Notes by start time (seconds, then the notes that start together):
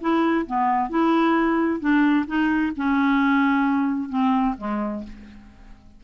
0.00 E4
0.46 B3
0.89 E4
1.79 D4
2.27 D#4
2.76 C#4
4.09 C4
4.57 G#3